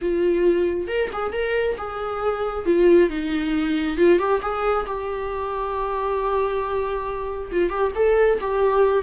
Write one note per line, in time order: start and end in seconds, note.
0.01 0.87 F4
0.87 1.09 A#4
1.12 1.32 G#4
1.32 1.76 A#4
1.77 2.65 G#4
2.65 3.09 F4
3.09 3.97 D#4
3.97 4.18 F4
4.18 4.40 G4
4.41 4.85 G#4
4.86 7.51 G4
7.51 7.69 F4
7.69 7.91 G4
7.95 8.39 A4
8.40 9.02 G4